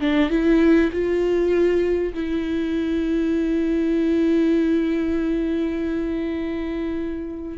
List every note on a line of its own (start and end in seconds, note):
0.00 0.29 D4
0.29 0.90 E4
0.92 2.13 F4
2.13 7.58 E4